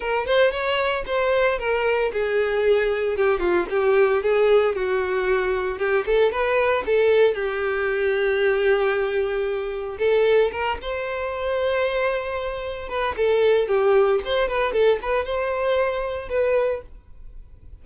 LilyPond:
\new Staff \with { instrumentName = "violin" } { \time 4/4 \tempo 4 = 114 ais'8 c''8 cis''4 c''4 ais'4 | gis'2 g'8 f'8 g'4 | gis'4 fis'2 g'8 a'8 | b'4 a'4 g'2~ |
g'2. a'4 | ais'8 c''2.~ c''8~ | c''8 b'8 a'4 g'4 c''8 b'8 | a'8 b'8 c''2 b'4 | }